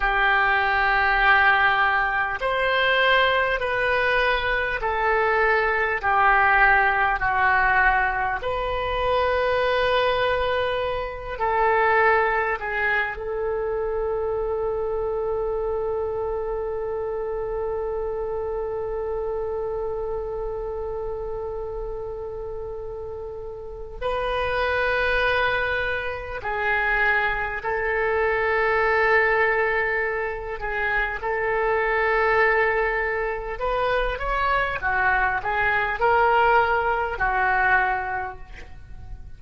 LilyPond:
\new Staff \with { instrumentName = "oboe" } { \time 4/4 \tempo 4 = 50 g'2 c''4 b'4 | a'4 g'4 fis'4 b'4~ | b'4. a'4 gis'8 a'4~ | a'1~ |
a'1 | b'2 gis'4 a'4~ | a'4. gis'8 a'2 | b'8 cis''8 fis'8 gis'8 ais'4 fis'4 | }